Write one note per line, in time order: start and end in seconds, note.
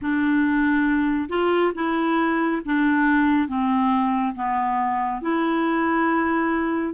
0.01 1.28 D4
1.28 1.72 F4
1.74 2.61 E4
2.65 3.47 D4
3.47 4.34 C4
4.35 5.21 B3
5.21 6.94 E4